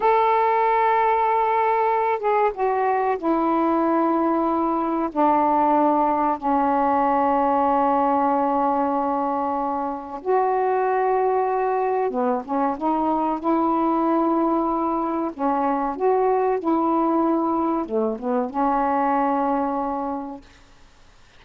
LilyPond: \new Staff \with { instrumentName = "saxophone" } { \time 4/4 \tempo 4 = 94 a'2.~ a'8 gis'8 | fis'4 e'2. | d'2 cis'2~ | cis'1 |
fis'2. b8 cis'8 | dis'4 e'2. | cis'4 fis'4 e'2 | a8 b8 cis'2. | }